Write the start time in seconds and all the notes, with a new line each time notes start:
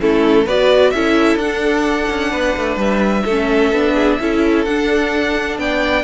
0.00 A3 C#4 E4 A4
0.45 B3 F#4 B4 D5
0.90 C#4 E4 A4 E5
1.36 D4 F#5
2.10 C#4
2.31 B3 B4
2.56 A3
2.76 G3 E5
3.24 A3 A4
3.30 C#4
3.72 B3 D4
3.95 G#4
4.20 C#4 E4 A4
4.65 D4 F#5
5.58 B3 D5 G5